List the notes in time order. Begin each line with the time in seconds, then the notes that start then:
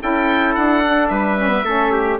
0.00 C#4 E4 A4 G5
0.55 D4 F#5
0.85 D4
1.08 G3 B4 E5
1.38 C#4
1.48 B3
1.64 A3 C#4 A4
1.91 G4